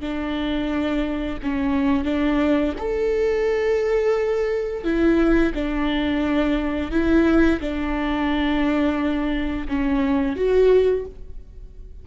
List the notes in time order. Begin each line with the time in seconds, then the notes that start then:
0.00 D4
1.42 C#4
2.04 D4
2.78 A4
4.84 E4
5.54 D4
6.91 E4
7.60 D4
9.68 C#4
10.36 F#4